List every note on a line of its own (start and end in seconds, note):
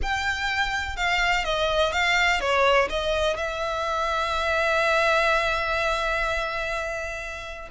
0.02 0.96 G5
0.96 1.44 F5
1.44 1.92 D#5
1.92 2.40 F5
2.40 2.88 C#5
2.89 3.36 D#5
3.36 7.68 E5